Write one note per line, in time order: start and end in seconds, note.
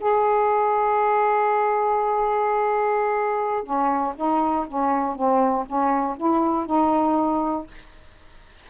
0.00 3.63 G#4
3.63 4.13 C#4
4.16 4.66 D#4
4.67 5.15 C#4
5.15 5.65 C4
5.66 6.17 C#4
6.17 6.66 E4
6.66 7.67 D#4